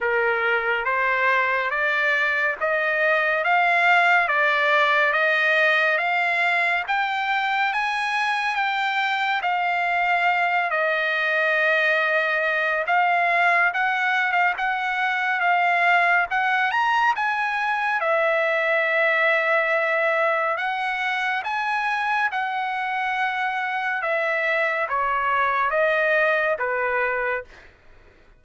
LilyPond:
\new Staff \with { instrumentName = "trumpet" } { \time 4/4 \tempo 4 = 70 ais'4 c''4 d''4 dis''4 | f''4 d''4 dis''4 f''4 | g''4 gis''4 g''4 f''4~ | f''8 dis''2~ dis''8 f''4 |
fis''8. f''16 fis''4 f''4 fis''8 ais''8 | gis''4 e''2. | fis''4 gis''4 fis''2 | e''4 cis''4 dis''4 b'4 | }